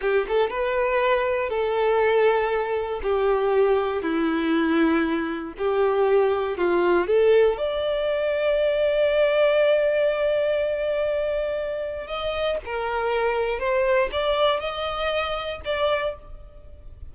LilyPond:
\new Staff \with { instrumentName = "violin" } { \time 4/4 \tempo 4 = 119 g'8 a'8 b'2 a'4~ | a'2 g'2 | e'2. g'4~ | g'4 f'4 a'4 d''4~ |
d''1~ | d''1 | dis''4 ais'2 c''4 | d''4 dis''2 d''4 | }